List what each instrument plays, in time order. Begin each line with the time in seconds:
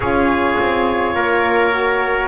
0.00 double bass C#4, saxophone F4, trumpet G#4, oboe C#5
0.58 double bass C4
1.15 double bass A#3, trumpet A#4
1.71 saxophone F#4